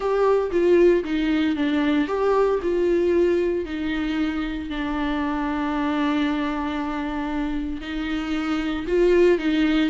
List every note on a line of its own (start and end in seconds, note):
0.00 0.51 G4
0.51 1.03 F4
1.04 1.56 D#4
1.56 2.07 D4
2.07 2.59 G4
2.62 3.65 F4
3.65 4.69 D#4
4.69 7.81 D4
7.81 8.85 D#4
8.87 9.38 F4
9.38 9.90 D#4